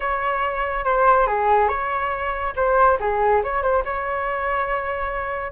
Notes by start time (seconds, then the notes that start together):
0.00 C#5
0.85 C5
1.26 G#4
1.68 C#5
2.56 C5
3.00 G#4
3.43 C#5
3.62 C5
3.85 C#5